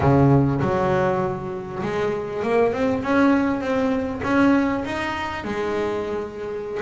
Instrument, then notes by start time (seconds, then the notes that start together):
double bass
0.00 C#3
0.61 F#3
1.82 G#3
2.42 A#3
2.72 C4
3.02 C#4
3.60 C4
4.23 C#4
4.84 D#4
5.44 G#3